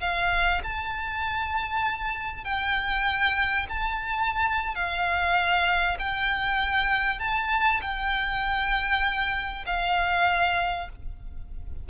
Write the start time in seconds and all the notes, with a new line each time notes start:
0.00 F5
0.63 A5
2.44 G5
3.69 A5
4.75 F5
5.99 G5
7.19 A5
7.81 G5
9.66 F5